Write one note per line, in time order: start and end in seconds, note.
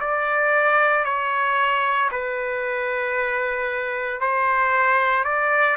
0.00 1.04 D5
1.04 2.10 C#5
2.11 4.21 B4
4.21 5.24 C5
5.24 5.77 D5